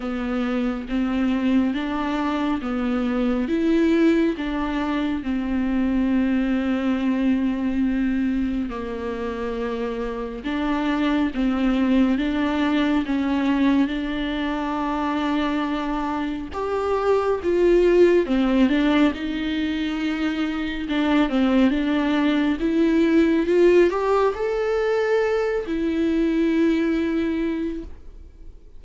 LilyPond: \new Staff \with { instrumentName = "viola" } { \time 4/4 \tempo 4 = 69 b4 c'4 d'4 b4 | e'4 d'4 c'2~ | c'2 ais2 | d'4 c'4 d'4 cis'4 |
d'2. g'4 | f'4 c'8 d'8 dis'2 | d'8 c'8 d'4 e'4 f'8 g'8 | a'4. e'2~ e'8 | }